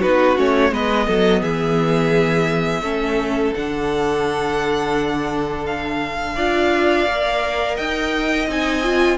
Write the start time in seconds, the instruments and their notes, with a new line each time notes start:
0.00 cello B3, viola D#4, violin F#4 B4
0.36 cello A3, viola C#4, violin C#5
0.71 cello G#3, viola B3, violin B4 D#5
1.06 cello F#3, violin A4
1.41 cello E3, violin G#4 E5
2.81 cello A3, viola C#4, violin A4
3.54 cello D3, viola D4, violin F#5
5.65 violin F5
6.35 cello D4, viola F4, violin D5
7.07 cello A#3, viola A#4
7.76 cello D#4, violin D#5 G5
8.47 cello C4, viola D#4, violin G#5
8.83 viola F4